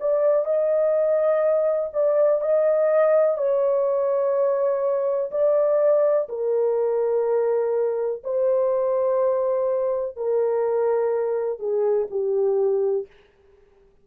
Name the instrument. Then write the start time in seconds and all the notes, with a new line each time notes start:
horn
0.00 D5
0.45 D#5
1.93 D5
2.41 D#5
3.37 C#5
5.31 D5
6.29 A#4
8.24 C5
10.16 A#4
11.59 G#4
12.10 G4